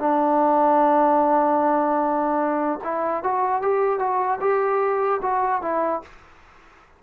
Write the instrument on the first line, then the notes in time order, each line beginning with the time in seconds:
trombone
0.00 D4
2.84 E4
3.24 F#4
3.62 G4
3.99 F#4
4.41 G4
5.22 F#4
5.62 E4